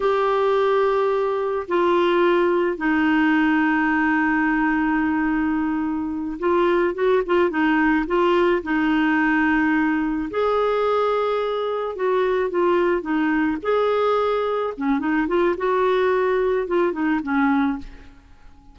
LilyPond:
\new Staff \with { instrumentName = "clarinet" } { \time 4/4 \tempo 4 = 108 g'2. f'4~ | f'4 dis'2.~ | dis'2.~ dis'8 f'8~ | f'8 fis'8 f'8 dis'4 f'4 dis'8~ |
dis'2~ dis'8 gis'4.~ | gis'4. fis'4 f'4 dis'8~ | dis'8 gis'2 cis'8 dis'8 f'8 | fis'2 f'8 dis'8 cis'4 | }